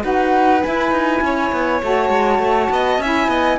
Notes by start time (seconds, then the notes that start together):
0.00 D#4 F#4 B4 F#5
0.62 E4 G#5
0.91 D#4
1.21 C#4 C#5
1.52 B3
1.82 A3 F#4 A5
2.09 G#3
2.38 A3
2.70 B3 D#5
2.98 C#4 E4 E5 G#5
3.28 B3 D#5